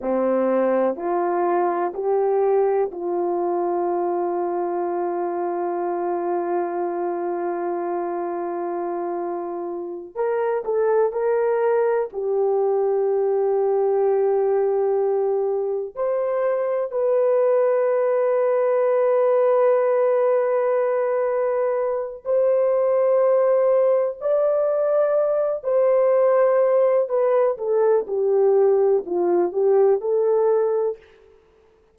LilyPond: \new Staff \with { instrumentName = "horn" } { \time 4/4 \tempo 4 = 62 c'4 f'4 g'4 f'4~ | f'1~ | f'2~ f'8 ais'8 a'8 ais'8~ | ais'8 g'2.~ g'8~ |
g'8 c''4 b'2~ b'8~ | b'2. c''4~ | c''4 d''4. c''4. | b'8 a'8 g'4 f'8 g'8 a'4 | }